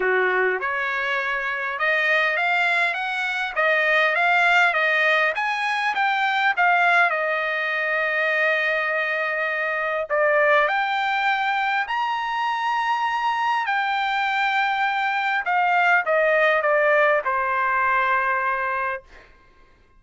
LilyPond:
\new Staff \with { instrumentName = "trumpet" } { \time 4/4 \tempo 4 = 101 fis'4 cis''2 dis''4 | f''4 fis''4 dis''4 f''4 | dis''4 gis''4 g''4 f''4 | dis''1~ |
dis''4 d''4 g''2 | ais''2. g''4~ | g''2 f''4 dis''4 | d''4 c''2. | }